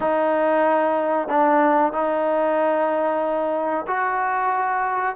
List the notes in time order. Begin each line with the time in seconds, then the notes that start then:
0.00 D#4
1.28 D4
1.92 D#4
3.87 F#4